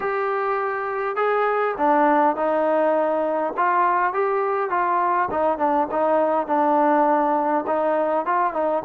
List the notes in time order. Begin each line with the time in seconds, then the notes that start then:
0.00 G4
1.16 G#4
1.77 D4
2.36 D#4
3.56 F4
4.13 G4
4.70 F4
5.30 D#4
5.57 D4
5.91 D#4
6.47 D4
7.66 D#4
8.25 F4
8.53 D#4